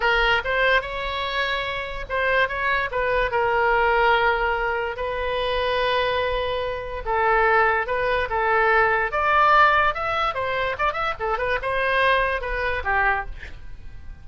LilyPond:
\new Staff \with { instrumentName = "oboe" } { \time 4/4 \tempo 4 = 145 ais'4 c''4 cis''2~ | cis''4 c''4 cis''4 b'4 | ais'1 | b'1~ |
b'4 a'2 b'4 | a'2 d''2 | e''4 c''4 d''8 e''8 a'8 b'8 | c''2 b'4 g'4 | }